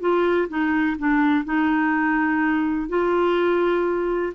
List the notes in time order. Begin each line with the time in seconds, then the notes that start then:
0.00 F4
0.49 D#4
0.98 D4
1.45 D#4
2.89 F4